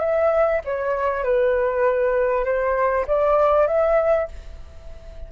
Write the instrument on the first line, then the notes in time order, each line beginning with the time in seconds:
flute
0.00 E5
0.65 C#5
1.24 B4
2.45 C5
3.07 D5
3.67 E5